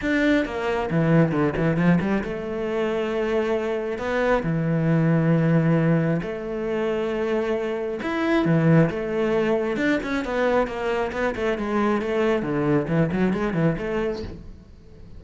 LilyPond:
\new Staff \with { instrumentName = "cello" } { \time 4/4 \tempo 4 = 135 d'4 ais4 e4 d8 e8 | f8 g8 a2.~ | a4 b4 e2~ | e2 a2~ |
a2 e'4 e4 | a2 d'8 cis'8 b4 | ais4 b8 a8 gis4 a4 | d4 e8 fis8 gis8 e8 a4 | }